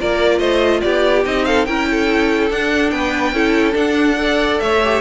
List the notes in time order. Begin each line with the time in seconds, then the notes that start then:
0.00 A#3 F4 A#4 D5
0.39 A3 C5 D#5
0.81 B3 G4 D5
1.24 C4 D#4 D#5
1.45 A4 F5
1.66 C#4 E4 A#4 G5
1.91 A4
2.51 D4 F#5
2.90 B3 B4 G5
3.33 C#4 E4 A4
3.73 D4 F#5
4.18 A4 D5
4.60 A3 C#5 E5
4.84 G4